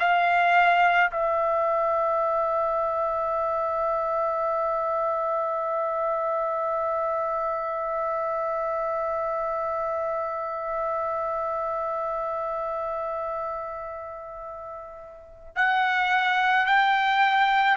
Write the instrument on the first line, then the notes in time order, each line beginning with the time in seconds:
trumpet
0.00 F5
1.12 E5
15.56 F#5
16.67 G5